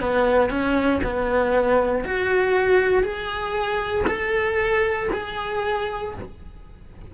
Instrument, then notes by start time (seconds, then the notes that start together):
cello
0.00 B3
0.49 C#4
1.04 B3
2.04 F#4
3.03 G#4
4.07 A4
5.12 G#4